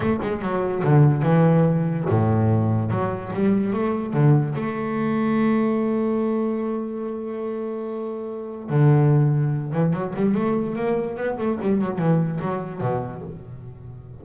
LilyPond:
\new Staff \with { instrumentName = "double bass" } { \time 4/4 \tempo 4 = 145 a8 gis8 fis4 d4 e4~ | e4 a,2 fis4 | g4 a4 d4 a4~ | a1~ |
a1~ | a4 d2~ d8 e8 | fis8 g8 a4 ais4 b8 a8 | g8 fis8 e4 fis4 b,4 | }